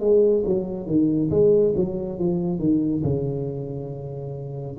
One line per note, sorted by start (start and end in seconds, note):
0.00 0.43 G#3
0.46 0.86 F#3
0.86 1.30 D#3
1.30 1.74 G#3
1.75 2.19 F#3
2.19 2.59 F3
2.59 3.02 D#3
3.03 4.77 C#3